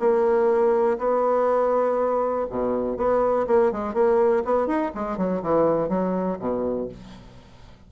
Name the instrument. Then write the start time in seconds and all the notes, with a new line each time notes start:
bassoon
0.00 A#3
0.99 B3
2.50 B2
2.98 B3
3.48 A#3
3.72 G#3
3.94 A#3
4.45 B3
4.67 D#4
4.95 G#3
5.18 F#3
5.43 E3
5.89 F#3
6.39 B2